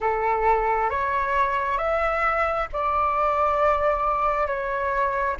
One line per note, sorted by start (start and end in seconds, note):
0.00 0.90 A4
0.90 1.77 C#5
1.77 2.67 E5
2.72 4.47 D5
4.47 5.36 C#5